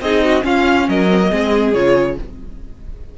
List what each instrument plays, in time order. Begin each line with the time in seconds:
0.00 cello C4, viola D#4, violin G#4 D#5
0.24 violin F#4
0.41 viola C#4, cello C#4, violin F4 F5
0.88 cello F#3, violin A#4 D#5
1.09 viola C4
1.24 viola A#3 C4
1.30 cello G#3, violin G#4
1.73 cello C#3, viola F4, violin C#5